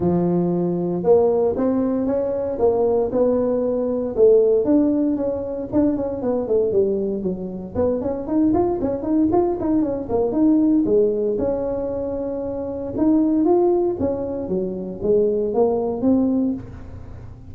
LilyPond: \new Staff \with { instrumentName = "tuba" } { \time 4/4 \tempo 4 = 116 f2 ais4 c'4 | cis'4 ais4 b2 | a4 d'4 cis'4 d'8 cis'8 | b8 a8 g4 fis4 b8 cis'8 |
dis'8 f'8 cis'8 dis'8 f'8 dis'8 cis'8 ais8 | dis'4 gis4 cis'2~ | cis'4 dis'4 f'4 cis'4 | fis4 gis4 ais4 c'4 | }